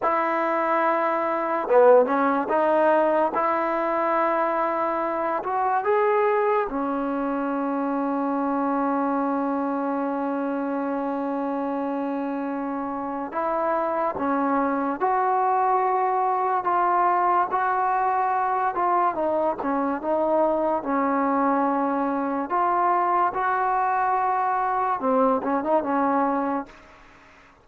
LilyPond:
\new Staff \with { instrumentName = "trombone" } { \time 4/4 \tempo 4 = 72 e'2 b8 cis'8 dis'4 | e'2~ e'8 fis'8 gis'4 | cis'1~ | cis'1 |
e'4 cis'4 fis'2 | f'4 fis'4. f'8 dis'8 cis'8 | dis'4 cis'2 f'4 | fis'2 c'8 cis'16 dis'16 cis'4 | }